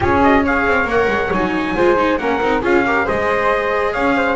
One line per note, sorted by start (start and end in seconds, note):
0.00 0.66 C#4
0.00 0.21 F4
0.00 0.41 G#4
0.00 0.23 C#5
0.23 0.44 F#4
0.23 0.45 D#5
0.44 0.87 G#4
0.44 1.75 C#5
0.44 0.90 F5
0.66 0.84 C4
0.84 1.06 A#3
0.84 1.31 A#4
0.84 1.33 F#5
1.07 1.29 G#3
1.31 1.74 F#3
1.31 1.77 D#4
1.31 2.17 G#5
1.75 2.18 G#3
1.75 1.96 F4
1.75 2.19 C5
1.96 2.18 D#4
2.17 2.40 A#3
2.17 2.42 C#4
2.17 2.61 A#4
2.17 2.61 F#5
2.41 2.63 C4
2.41 2.62 D#4
2.61 3.06 C#4
2.61 2.84 F4
2.61 2.83 G#4
2.61 3.07 F5
2.86 3.05 G4
2.86 3.04 A#4
3.04 3.95 G#3
3.04 4.35 G#4
3.04 3.92 C5
3.04 3.93 D#5
3.93 4.35 C#4
3.93 4.15 C#5
3.93 4.35 F5
4.16 4.35 C5